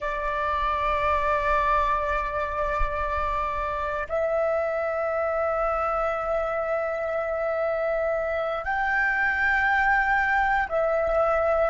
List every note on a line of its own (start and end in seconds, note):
0.00 4.07 D5
4.08 8.64 E5
8.64 10.68 G5
10.68 11.69 E5